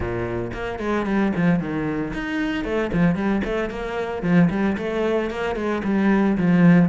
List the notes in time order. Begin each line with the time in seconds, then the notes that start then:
0.00 A#2
0.53 A#3
0.79 G#3
1.05 G3
1.36 F3
1.59 D#3
2.13 D#4
2.64 A3
2.92 F3
3.15 G3
3.44 A3
3.70 A#3
4.22 F3
4.50 G3
4.77 A3
5.30 A#3
5.55 G#3
5.84 G3
6.37 F3